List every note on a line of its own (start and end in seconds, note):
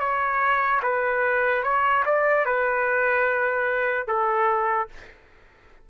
0.00 0.81 C#5
0.83 1.64 B4
1.64 2.04 C#5
2.06 2.46 D5
2.46 4.08 B4
4.08 4.89 A4